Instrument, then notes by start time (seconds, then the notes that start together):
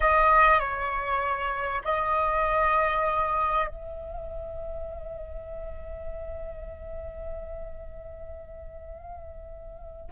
flute
0.00 D#5
0.59 C#5
1.84 D#5
3.67 E5